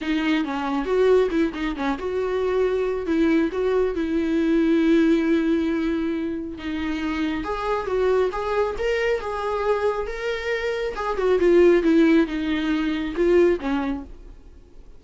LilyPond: \new Staff \with { instrumentName = "viola" } { \time 4/4 \tempo 4 = 137 dis'4 cis'4 fis'4 e'8 dis'8 | cis'8 fis'2~ fis'8 e'4 | fis'4 e'2.~ | e'2. dis'4~ |
dis'4 gis'4 fis'4 gis'4 | ais'4 gis'2 ais'4~ | ais'4 gis'8 fis'8 f'4 e'4 | dis'2 f'4 cis'4 | }